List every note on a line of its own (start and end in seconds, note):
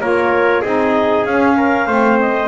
0.00 0.62 A#3
0.00 0.63 F4
0.00 0.61 A#4
0.00 0.63 C#5
0.61 1.25 C4
0.61 1.26 D#4
0.61 1.55 G#4
0.61 1.25 D#5
1.25 1.86 C#4
1.25 1.88 C#4
1.25 2.18 F5
1.57 1.87 A#4
1.86 2.48 A3
1.86 2.48 C4
1.86 2.48 C5
2.20 2.48 D#5